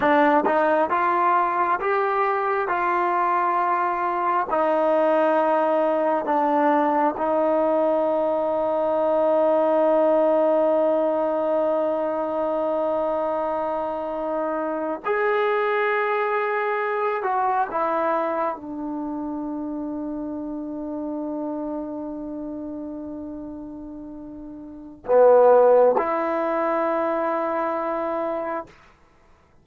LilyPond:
\new Staff \with { instrumentName = "trombone" } { \time 4/4 \tempo 4 = 67 d'8 dis'8 f'4 g'4 f'4~ | f'4 dis'2 d'4 | dis'1~ | dis'1~ |
dis'8. gis'2~ gis'8 fis'8 e'16~ | e'8. d'2.~ d'16~ | d'1 | b4 e'2. | }